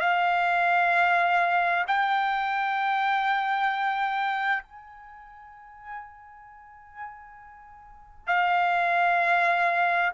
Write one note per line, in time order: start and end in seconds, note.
0.00 1.85 F5
1.87 4.63 G5
4.63 8.27 G#5
8.27 10.12 F5